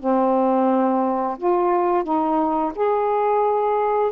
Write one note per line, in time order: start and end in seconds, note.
0.00 1.38 C4
1.38 2.04 F4
2.04 2.73 D#4
2.76 4.12 G#4